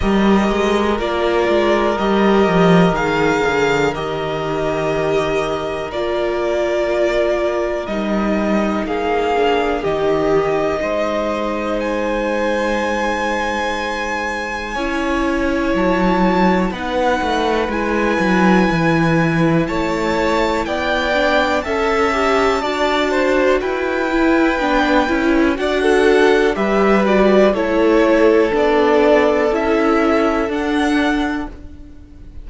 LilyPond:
<<
  \new Staff \with { instrumentName = "violin" } { \time 4/4 \tempo 4 = 61 dis''4 d''4 dis''4 f''4 | dis''2 d''2 | dis''4 f''4 dis''2 | gis''1 |
a''4 fis''4 gis''2 | a''4 g''4 a''2 | g''2 fis''4 e''8 d''8 | cis''4 d''4 e''4 fis''4 | }
  \new Staff \with { instrumentName = "violin" } { \time 4/4 ais'1~ | ais'1~ | ais'4 gis'4 g'4 c''4~ | c''2. cis''4~ |
cis''4 b'2. | cis''4 d''4 e''4 d''8 c''8 | b'2 d''16 a'8. b'4 | a'1 | }
  \new Staff \with { instrumentName = "viola" } { \time 4/4 g'4 f'4 g'4 gis'4 | g'2 f'2 | dis'4. d'8 dis'2~ | dis'2. e'4~ |
e'4 dis'4 e'2~ | e'4. d'8 a'8 g'8 fis'4~ | fis'8 e'8 d'8 e'8 fis'4 g'8 fis'8 | e'4 d'4 e'4 d'4 | }
  \new Staff \with { instrumentName = "cello" } { \time 4/4 g8 gis8 ais8 gis8 g8 f8 dis8 d8 | dis2 ais2 | g4 ais4 dis4 gis4~ | gis2. cis'4 |
fis4 b8 a8 gis8 fis8 e4 | a4 b4 cis'4 d'4 | e'4 b8 cis'8 d'4 g4 | a4 b4 cis'4 d'4 | }
>>